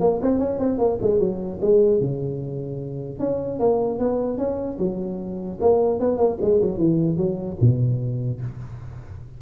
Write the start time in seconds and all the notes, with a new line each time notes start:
0.00 A#3
0.21 C4
0.39 C#4
0.59 C4
0.78 A#3
1.01 G#3
1.19 F#3
1.61 G#3
2.00 C#3
3.19 C#4
3.59 A#3
3.99 B3
4.38 C#4
4.78 F#3
5.61 A#3
5.99 B3
6.17 A#3
6.41 G#3
6.61 F#3
6.78 E3
7.17 F#3
7.61 B2